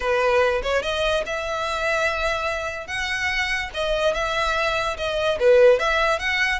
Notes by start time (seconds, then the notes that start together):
0.00 B4
0.62 C#5
0.82 D#5
1.26 E5
2.87 F#5
3.74 D#5
4.14 E5
4.97 D#5
5.39 B4
5.79 E5
6.19 F#5